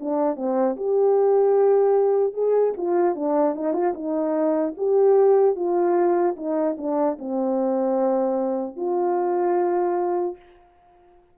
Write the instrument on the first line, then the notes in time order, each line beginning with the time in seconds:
horn
0.00 D4
0.36 C4
0.76 G4
2.34 G#4
2.77 F4
3.15 D4
3.55 D#4
3.73 F4
3.94 D#4
4.77 G4
5.55 F4
6.36 D#4
6.77 D4
7.19 C4
8.76 F4